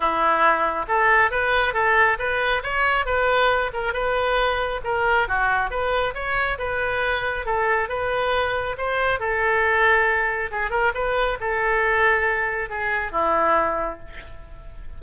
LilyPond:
\new Staff \with { instrumentName = "oboe" } { \time 4/4 \tempo 4 = 137 e'2 a'4 b'4 | a'4 b'4 cis''4 b'4~ | b'8 ais'8 b'2 ais'4 | fis'4 b'4 cis''4 b'4~ |
b'4 a'4 b'2 | c''4 a'2. | gis'8 ais'8 b'4 a'2~ | a'4 gis'4 e'2 | }